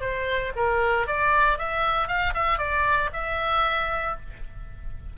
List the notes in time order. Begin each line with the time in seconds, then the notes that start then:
0.00 C5
0.55 A#4
1.07 D5
1.58 E5
2.07 F5
2.34 E5
2.58 D5
3.12 E5